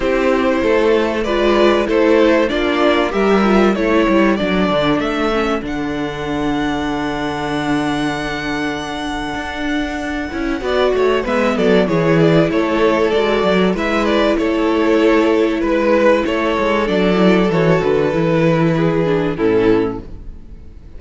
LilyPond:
<<
  \new Staff \with { instrumentName = "violin" } { \time 4/4 \tempo 4 = 96 c''2 d''4 c''4 | d''4 e''4 cis''4 d''4 | e''4 fis''2.~ | fis''1~ |
fis''2 e''8 d''8 cis''8 d''8 | cis''4 d''4 e''8 d''8 cis''4~ | cis''4 b'4 cis''4 d''4 | cis''8 b'2~ b'8 a'4 | }
  \new Staff \with { instrumentName = "violin" } { \time 4/4 g'4 a'4 b'4 a'4 | f'4 ais'4 a'2~ | a'1~ | a'1~ |
a'4 d''8 cis''8 b'8 a'8 gis'4 | a'2 b'4 a'4~ | a'4 b'4 a'2~ | a'2 gis'4 e'4 | }
  \new Staff \with { instrumentName = "viola" } { \time 4/4 e'2 f'4 e'4 | d'4 g'8 f'8 e'4 d'4~ | d'8 cis'8 d'2.~ | d'1~ |
d'8 e'8 fis'4 b4 e'4~ | e'4 fis'4 e'2~ | e'2. d'8 e'8 | fis'4 e'4. d'8 cis'4 | }
  \new Staff \with { instrumentName = "cello" } { \time 4/4 c'4 a4 gis4 a4 | ais4 g4 a8 g8 fis8 d8 | a4 d2.~ | d2. d'4~ |
d'8 cis'8 b8 a8 gis8 fis8 e4 | a4 gis8 fis8 gis4 a4~ | a4 gis4 a8 gis8 fis4 | e8 d8 e2 a,4 | }
>>